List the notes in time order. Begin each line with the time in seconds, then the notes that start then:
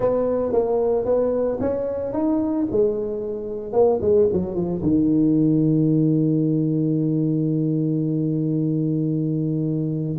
0.00 B3
0.52 A#3
1.05 B3
1.60 C#4
2.13 D#4
2.71 G#3
3.72 A#3
4.01 G#3
4.32 F#3
4.54 F3
4.82 D#3